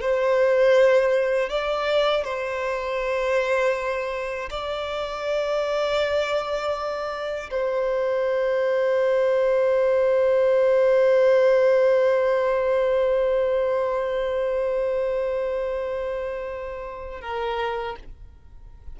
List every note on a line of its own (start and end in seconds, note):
0.00 1.49 C5
1.49 2.24 D5
2.24 4.49 C5
4.50 7.50 D5
7.50 17.21 C5
17.21 17.96 A#4